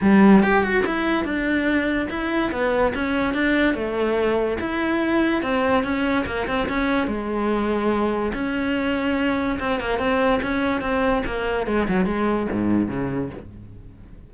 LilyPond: \new Staff \with { instrumentName = "cello" } { \time 4/4 \tempo 4 = 144 g4 g'8 fis'8 e'4 d'4~ | d'4 e'4 b4 cis'4 | d'4 a2 e'4~ | e'4 c'4 cis'4 ais8 c'8 |
cis'4 gis2. | cis'2. c'8 ais8 | c'4 cis'4 c'4 ais4 | gis8 fis8 gis4 gis,4 cis4 | }